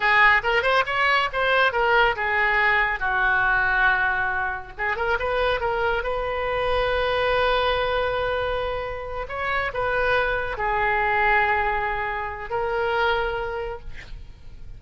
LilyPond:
\new Staff \with { instrumentName = "oboe" } { \time 4/4 \tempo 4 = 139 gis'4 ais'8 c''8 cis''4 c''4 | ais'4 gis'2 fis'4~ | fis'2. gis'8 ais'8 | b'4 ais'4 b'2~ |
b'1~ | b'4. cis''4 b'4.~ | b'8 gis'2.~ gis'8~ | gis'4 ais'2. | }